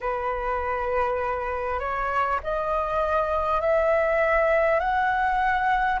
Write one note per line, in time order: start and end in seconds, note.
0.01 1.79 B4
1.79 2.39 C#5
2.43 3.61 D#5
3.61 4.79 E5
4.79 5.99 F#5